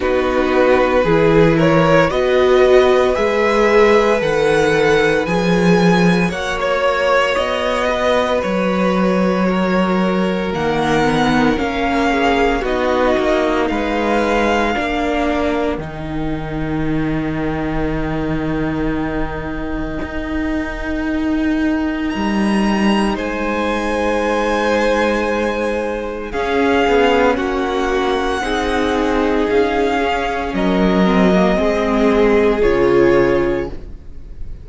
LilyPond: <<
  \new Staff \with { instrumentName = "violin" } { \time 4/4 \tempo 4 = 57 b'4. cis''8 dis''4 e''4 | fis''4 gis''4 fis''16 cis''8. dis''4 | cis''2 fis''4 f''4 | dis''4 f''2 g''4~ |
g''1~ | g''4 ais''4 gis''2~ | gis''4 f''4 fis''2 | f''4 dis''2 cis''4 | }
  \new Staff \with { instrumentName = "violin" } { \time 4/4 fis'4 gis'8 ais'8 b'2~ | b'2 cis''4. b'8~ | b'4 ais'2~ ais'8 gis'8 | fis'4 b'4 ais'2~ |
ais'1~ | ais'2 c''2~ | c''4 gis'4 fis'4 gis'4~ | gis'4 ais'4 gis'2 | }
  \new Staff \with { instrumentName = "viola" } { \time 4/4 dis'4 e'4 fis'4 gis'4 | a'4 gis'4 fis'2~ | fis'2 ais8 b8 cis'4 | dis'2 d'4 dis'4~ |
dis'1~ | dis'1~ | dis'4 cis'2 dis'4~ | dis'8 cis'4 c'16 ais16 c'4 f'4 | }
  \new Staff \with { instrumentName = "cello" } { \time 4/4 b4 e4 b4 gis4 | dis4 f4 ais4 b4 | fis2 dis4 ais4 | b8 ais8 gis4 ais4 dis4~ |
dis2. dis'4~ | dis'4 g4 gis2~ | gis4 cis'8 b8 ais4 c'4 | cis'4 fis4 gis4 cis4 | }
>>